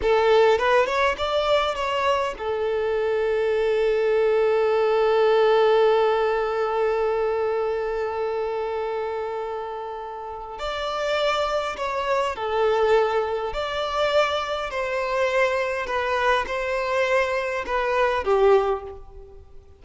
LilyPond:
\new Staff \with { instrumentName = "violin" } { \time 4/4 \tempo 4 = 102 a'4 b'8 cis''8 d''4 cis''4 | a'1~ | a'1~ | a'1~ |
a'2 d''2 | cis''4 a'2 d''4~ | d''4 c''2 b'4 | c''2 b'4 g'4 | }